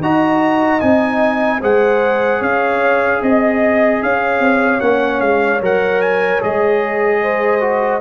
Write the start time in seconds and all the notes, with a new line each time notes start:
0.00 D#4 F#4 D#5 A#5
0.80 C4 D#4 G#5
1.61 G#3 G#4 C5 F#5
2.39 C#4 C#5 F5
3.22 C4 D#5
4.02 C#4 C#5 F5
4.39 C4
4.80 A#3 C#4 F#5
5.20 G#3 F5
5.60 F#3 A#4 F#5
6.01 G#5
6.40 G#3 G#4 D#5
7.22 C5
7.60 F#4